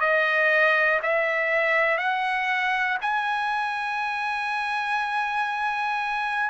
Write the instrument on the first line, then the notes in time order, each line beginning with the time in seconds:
trumpet
0.00 D#5
1.03 E5
1.98 F#5
3.01 G#5